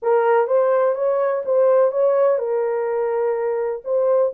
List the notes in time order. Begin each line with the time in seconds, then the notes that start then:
0.02 A#4
0.47 C5
0.95 C#5
1.45 C5
1.91 C#5
2.38 A#4
3.84 C5